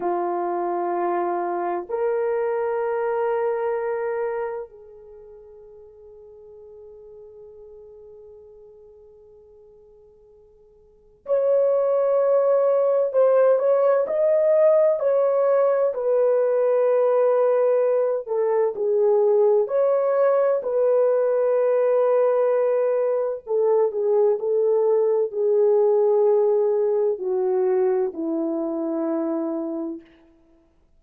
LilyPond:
\new Staff \with { instrumentName = "horn" } { \time 4/4 \tempo 4 = 64 f'2 ais'2~ | ais'4 gis'2.~ | gis'1 | cis''2 c''8 cis''8 dis''4 |
cis''4 b'2~ b'8 a'8 | gis'4 cis''4 b'2~ | b'4 a'8 gis'8 a'4 gis'4~ | gis'4 fis'4 e'2 | }